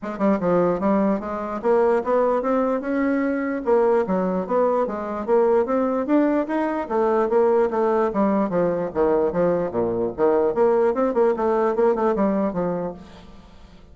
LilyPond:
\new Staff \with { instrumentName = "bassoon" } { \time 4/4 \tempo 4 = 148 gis8 g8 f4 g4 gis4 | ais4 b4 c'4 cis'4~ | cis'4 ais4 fis4 b4 | gis4 ais4 c'4 d'4 |
dis'4 a4 ais4 a4 | g4 f4 dis4 f4 | ais,4 dis4 ais4 c'8 ais8 | a4 ais8 a8 g4 f4 | }